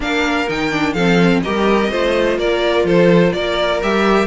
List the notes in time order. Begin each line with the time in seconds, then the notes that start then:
0.00 A#3 D4 A#4 F5
0.49 D#3 D#4 G5
0.71 D4
0.93 F3 C4 A4 F5
1.42 G3 G4 A#4 D#5
1.90 A3 F4 C5
2.37 A#3 A#4 D5
2.84 F3 A4 C5
3.32 A#3 A#4 D5
3.82 G3 G4 E5